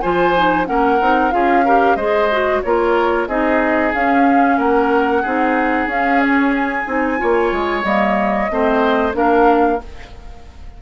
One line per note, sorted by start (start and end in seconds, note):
0.00 0.68 F3
0.00 0.35 F4
0.00 0.66 C5
0.00 0.65 G#5
0.35 0.65 D#4
0.65 1.00 A#3
0.65 0.98 C#4
0.65 1.34 A#4
0.65 1.31 F#5
1.00 1.33 C4
1.00 1.31 D#4
1.31 1.96 C#4
1.31 1.63 F4
1.31 1.65 G#4
1.31 1.96 F5
1.65 1.98 G4
1.65 1.96 A#4
1.96 2.61 G#3
1.96 2.31 G#4
1.96 2.61 C5
1.96 2.61 D#5
2.31 2.64 F#4
2.62 3.27 A#3
2.62 3.28 F4
2.62 3.28 A#4
2.62 3.27 C#5
3.27 3.92 C4
3.27 3.94 D#4
3.27 4.57 G#4
3.27 3.93 D#5
3.93 4.58 C#4
3.93 5.24 C#4
3.93 4.58 F5
4.57 5.23 A#3
4.57 5.21 A#4
4.57 5.89 F#5
5.21 5.86 C4
5.21 5.89 D#4
5.21 7.17 G#4
5.86 6.84 C#4
5.86 6.86 C#4
5.86 6.21 F5
6.21 6.54 C#5
6.54 7.83 G#5
6.86 7.19 C4
6.86 7.18 D#4
7.18 7.51 A#3
7.18 7.83 F4
7.18 8.51 C#5
7.51 7.84 G#3
7.83 8.49 G3
7.83 8.49 A#3
7.83 9.13 D#5
8.50 9.14 A3
8.50 9.13 C4
8.50 9.16 C5
9.13 9.79 A#3
9.13 9.78 D4
9.13 9.82 A#4
9.13 9.81 F5